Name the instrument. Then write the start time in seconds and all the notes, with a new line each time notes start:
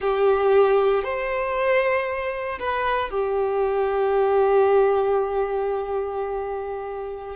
violin
0.00 G4
1.03 C5
2.59 B4
3.10 G4